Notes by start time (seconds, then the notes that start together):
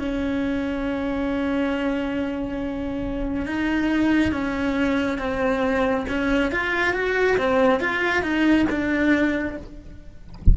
0.00 C#4
3.47 D#4
4.32 C#4
5.19 C4
6.09 C#4
6.52 F4
6.94 F#4
7.38 C4
7.81 F4
8.23 D#4
8.70 D4